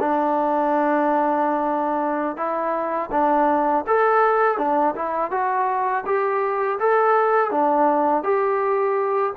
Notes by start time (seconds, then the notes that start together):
0.00 D4
2.37 E4
3.12 D4
3.87 A4
4.58 D4
4.96 E4
5.31 F#4
6.06 G4
6.79 A4
7.51 D4
8.24 G4